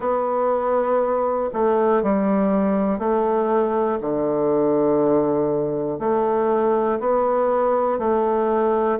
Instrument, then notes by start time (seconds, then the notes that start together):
bassoon
0.00 B3
1.53 A3
2.02 G3
2.99 A3
4.00 D3
5.99 A3
7.00 B3
7.98 A3